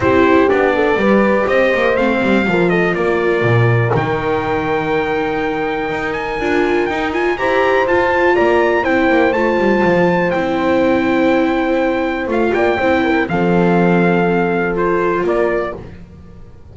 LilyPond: <<
  \new Staff \with { instrumentName = "trumpet" } { \time 4/4 \tempo 4 = 122 c''4 d''2 dis''4 | f''4. dis''8 d''2 | g''1~ | g''8 gis''4. g''8 gis''8 ais''4 |
a''4 ais''4 g''4 a''4~ | a''4 g''2.~ | g''4 f''8 g''4. f''4~ | f''2 c''4 d''4 | }
  \new Staff \with { instrumentName = "horn" } { \time 4/4 g'4. a'8 b'4 c''4~ | c''4 ais'8 a'8 ais'2~ | ais'1~ | ais'2. c''4~ |
c''4 d''4 c''2~ | c''1~ | c''4. d''8 c''8 ais'8 a'4~ | a'2. ais'4 | }
  \new Staff \with { instrumentName = "viola" } { \time 4/4 e'4 d'4 g'2 | c'4 f'2. | dis'1~ | dis'4 f'4 dis'8 f'8 g'4 |
f'2 e'4 f'4~ | f'4 e'2.~ | e'4 f'4 e'4 c'4~ | c'2 f'2 | }
  \new Staff \with { instrumentName = "double bass" } { \time 4/4 c'4 b4 g4 c'8 ais8 | a8 g8 f4 ais4 ais,4 | dis1 | dis'4 d'4 dis'4 e'4 |
f'4 ais4 c'8 ais8 a8 g8 | f4 c'2.~ | c'4 a8 ais8 c'4 f4~ | f2. ais4 | }
>>